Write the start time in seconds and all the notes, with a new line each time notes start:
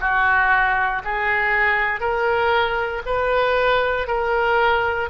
0.00 F#4
1.04 G#4
2.00 A#4
3.06 B4
4.07 A#4